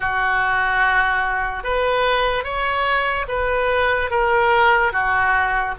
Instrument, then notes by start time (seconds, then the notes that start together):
oboe
0.00 F#4
1.63 B4
2.44 C#5
3.28 B4
4.10 A#4
4.92 F#4